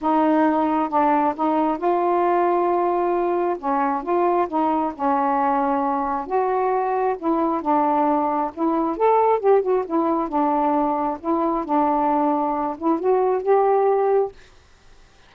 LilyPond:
\new Staff \with { instrumentName = "saxophone" } { \time 4/4 \tempo 4 = 134 dis'2 d'4 dis'4 | f'1 | cis'4 f'4 dis'4 cis'4~ | cis'2 fis'2 |
e'4 d'2 e'4 | a'4 g'8 fis'8 e'4 d'4~ | d'4 e'4 d'2~ | d'8 e'8 fis'4 g'2 | }